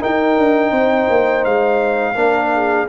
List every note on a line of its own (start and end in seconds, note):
0.00 2.14 D#4
0.00 0.38 D#4
0.00 0.71 A#4
0.00 1.44 G5
0.38 0.71 D4
0.71 1.07 C4
0.71 2.14 C5
1.09 1.45 A#3
1.44 2.15 G#3
1.44 2.87 F5
2.15 2.87 A#3
2.15 2.87 D4
2.15 2.50 A#4
2.54 2.88 G#4